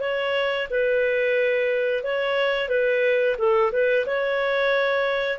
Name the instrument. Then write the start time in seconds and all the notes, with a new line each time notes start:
clarinet
0.00 C#5
0.70 B4
2.03 C#5
2.68 B4
3.38 A4
3.72 B4
4.06 C#5